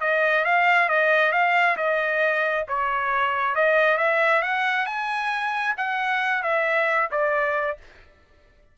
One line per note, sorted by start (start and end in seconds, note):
0.00 0.44 D#5
0.44 0.88 F5
0.88 1.32 D#5
1.32 1.76 F5
1.76 2.65 D#5
2.68 3.55 C#5
3.55 3.97 D#5
3.97 4.42 E5
4.42 4.86 F#5
4.86 5.75 G#5
5.77 6.42 F#5
6.42 7.09 E5
7.11 7.77 D5